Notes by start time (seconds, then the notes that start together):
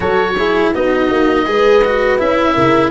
0.00 F#3 F#4 A4 C#5
0.36 E4 G#4
0.72 B3 D#4 F#4 D#5
1.11 A#3
1.46 G#3 G#4 B4
1.84 F#4
2.18 C#4 E4 E5
2.53 C#3 A#4